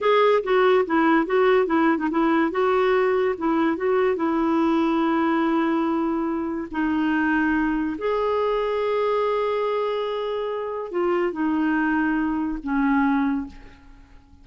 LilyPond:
\new Staff \with { instrumentName = "clarinet" } { \time 4/4 \tempo 4 = 143 gis'4 fis'4 e'4 fis'4 | e'8. dis'16 e'4 fis'2 | e'4 fis'4 e'2~ | e'1 |
dis'2. gis'4~ | gis'1~ | gis'2 f'4 dis'4~ | dis'2 cis'2 | }